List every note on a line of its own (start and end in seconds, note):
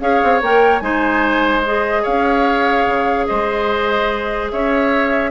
0.00 0.21 C#4
0.00 0.41 G#4
0.00 0.84 C#5
0.00 0.42 F5
0.24 0.42 C4
0.42 0.81 A#3
0.42 0.82 A#4
0.42 0.80 G5
0.80 2.05 G#3
0.80 1.64 D#4
0.80 2.03 C5
0.80 1.62 G#5
1.65 5.31 G#4
1.65 2.05 D#5
2.03 2.86 C#4
2.03 3.26 C#5
2.03 3.27 F5
2.86 3.27 C#3
3.27 4.52 G#3
3.27 4.52 C5
3.27 4.50 D#5
4.51 5.31 C#4
4.51 5.31 C#5
4.51 5.31 E5